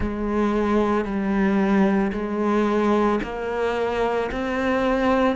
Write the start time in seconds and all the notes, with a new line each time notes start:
0.00 G#3
1.04 G3
2.12 G#3
3.23 A#3
4.31 C4